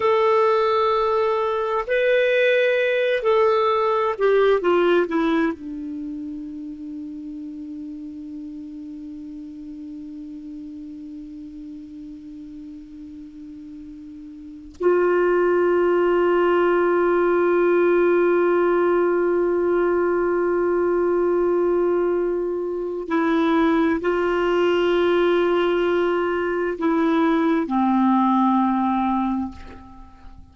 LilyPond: \new Staff \with { instrumentName = "clarinet" } { \time 4/4 \tempo 4 = 65 a'2 b'4. a'8~ | a'8 g'8 f'8 e'8 d'2~ | d'1~ | d'1 |
f'1~ | f'1~ | f'4 e'4 f'2~ | f'4 e'4 c'2 | }